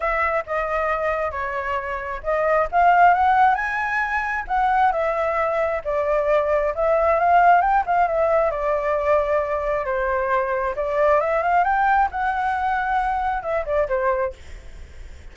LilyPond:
\new Staff \with { instrumentName = "flute" } { \time 4/4 \tempo 4 = 134 e''4 dis''2 cis''4~ | cis''4 dis''4 f''4 fis''4 | gis''2 fis''4 e''4~ | e''4 d''2 e''4 |
f''4 g''8 f''8 e''4 d''4~ | d''2 c''2 | d''4 e''8 f''8 g''4 fis''4~ | fis''2 e''8 d''8 c''4 | }